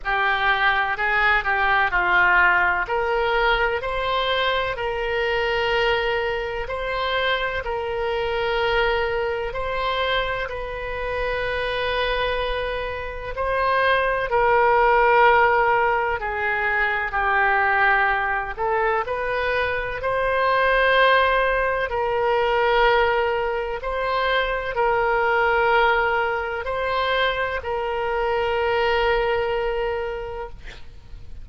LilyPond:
\new Staff \with { instrumentName = "oboe" } { \time 4/4 \tempo 4 = 63 g'4 gis'8 g'8 f'4 ais'4 | c''4 ais'2 c''4 | ais'2 c''4 b'4~ | b'2 c''4 ais'4~ |
ais'4 gis'4 g'4. a'8 | b'4 c''2 ais'4~ | ais'4 c''4 ais'2 | c''4 ais'2. | }